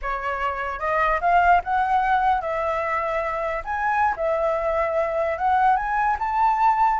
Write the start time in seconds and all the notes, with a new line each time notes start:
0.01 C#5
0.79 D#5
1.21 F5
1.63 F#5
2.41 E5
3.64 G#5
4.16 E5
5.37 F#5
5.76 G#5
6.19 A5